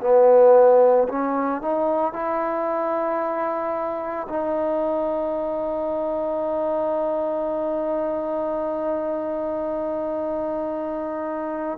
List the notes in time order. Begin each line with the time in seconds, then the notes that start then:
0.00 B3
1.08 C#4
1.61 D#4
2.13 E4
4.29 D#4